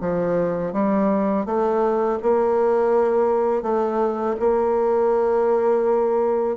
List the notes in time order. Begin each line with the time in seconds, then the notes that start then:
0.00 F3
0.73 G3
1.45 A3
2.22 A#3
3.62 A3
4.39 A#3